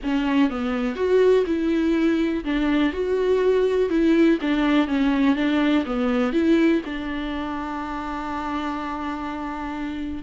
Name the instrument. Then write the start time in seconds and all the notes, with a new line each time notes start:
viola
0.03 C#4
0.50 B3
0.95 F#4
1.46 E4
2.44 D4
2.92 F#4
3.89 E4
4.41 D4
4.87 C#4
5.35 D4
5.85 B3
6.32 E4
6.85 D4